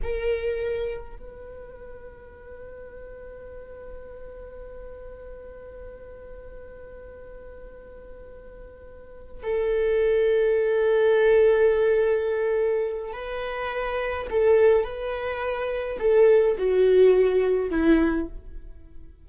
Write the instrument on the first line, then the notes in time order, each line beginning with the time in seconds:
viola
0.03 A#4
1.17 B4
9.43 A4
13.12 B4
14.30 A4
14.83 B4
15.99 A4
16.57 F#4
17.70 E4